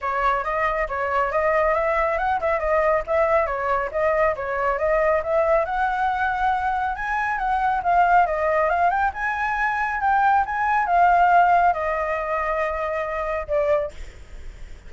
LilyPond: \new Staff \with { instrumentName = "flute" } { \time 4/4 \tempo 4 = 138 cis''4 dis''4 cis''4 dis''4 | e''4 fis''8 e''8 dis''4 e''4 | cis''4 dis''4 cis''4 dis''4 | e''4 fis''2. |
gis''4 fis''4 f''4 dis''4 | f''8 g''8 gis''2 g''4 | gis''4 f''2 dis''4~ | dis''2. d''4 | }